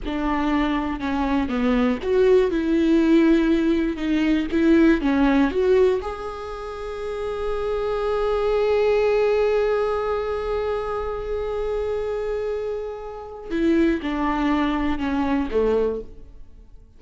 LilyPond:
\new Staff \with { instrumentName = "viola" } { \time 4/4 \tempo 4 = 120 d'2 cis'4 b4 | fis'4 e'2. | dis'4 e'4 cis'4 fis'4 | gis'1~ |
gis'1~ | gis'1~ | gis'2. e'4 | d'2 cis'4 a4 | }